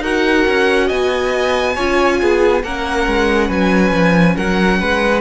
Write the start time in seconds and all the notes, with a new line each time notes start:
0.00 D#4 F#4 A#4 F#5
0.48 C#4
0.87 B3 D#5 G#5
1.75 C#4 F4 C#5
2.22 B3 G#4
2.63 A#3 C#4 A#4 F#5
3.07 G#3
3.48 F#3 B4 G#5
3.92 F3
4.36 F#3 A#4 F#5
4.80 G#3 B4